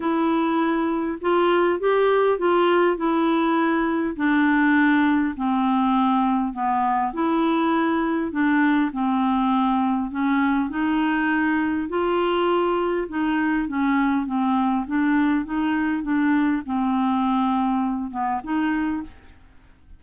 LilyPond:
\new Staff \with { instrumentName = "clarinet" } { \time 4/4 \tempo 4 = 101 e'2 f'4 g'4 | f'4 e'2 d'4~ | d'4 c'2 b4 | e'2 d'4 c'4~ |
c'4 cis'4 dis'2 | f'2 dis'4 cis'4 | c'4 d'4 dis'4 d'4 | c'2~ c'8 b8 dis'4 | }